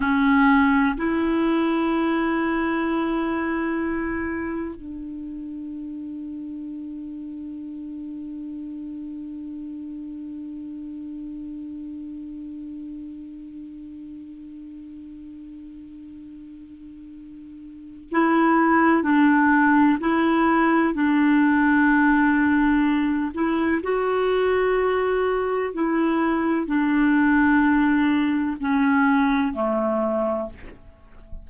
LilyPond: \new Staff \with { instrumentName = "clarinet" } { \time 4/4 \tempo 4 = 63 cis'4 e'2.~ | e'4 d'2.~ | d'1~ | d'1~ |
d'2. e'4 | d'4 e'4 d'2~ | d'8 e'8 fis'2 e'4 | d'2 cis'4 a4 | }